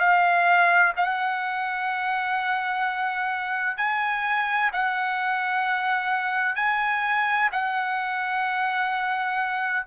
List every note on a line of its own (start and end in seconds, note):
0.00 0.94 F5
0.97 3.78 F#5
3.78 4.71 G#5
4.73 6.56 F#5
6.56 7.50 G#5
7.53 9.87 F#5